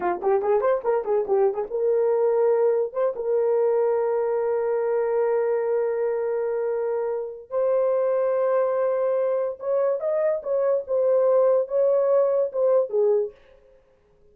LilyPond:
\new Staff \with { instrumentName = "horn" } { \time 4/4 \tempo 4 = 144 f'8 g'8 gis'8 c''8 ais'8 gis'8 g'8. gis'16 | ais'2. c''8 ais'8~ | ais'1~ | ais'1~ |
ais'2 c''2~ | c''2. cis''4 | dis''4 cis''4 c''2 | cis''2 c''4 gis'4 | }